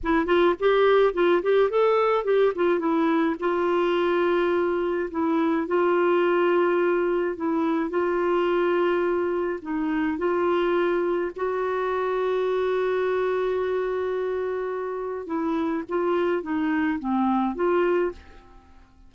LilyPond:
\new Staff \with { instrumentName = "clarinet" } { \time 4/4 \tempo 4 = 106 e'8 f'8 g'4 f'8 g'8 a'4 | g'8 f'8 e'4 f'2~ | f'4 e'4 f'2~ | f'4 e'4 f'2~ |
f'4 dis'4 f'2 | fis'1~ | fis'2. e'4 | f'4 dis'4 c'4 f'4 | }